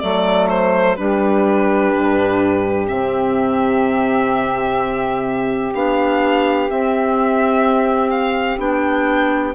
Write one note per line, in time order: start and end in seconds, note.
0.00 0.98 F#3
0.00 0.97 A3
0.00 0.97 A4
0.00 0.48 D5
0.50 0.96 C5
0.96 1.95 G3
0.96 2.87 D4
0.96 9.55 G4
0.96 2.87 B4
1.95 2.90 G2
2.87 5.75 C3
2.87 5.73 C4
2.87 5.74 E5
5.75 6.70 B3
5.75 6.70 D4
5.75 6.70 F5
6.70 8.59 C4
6.70 8.11 E5
8.11 8.58 F5
8.59 9.54 B3
8.59 9.54 D4
8.59 9.55 G5